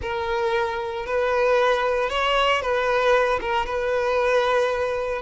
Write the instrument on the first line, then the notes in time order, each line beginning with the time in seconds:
violin
0.01 A#4
1.06 B4
2.09 C#5
2.61 B4
3.40 A#4
3.66 B4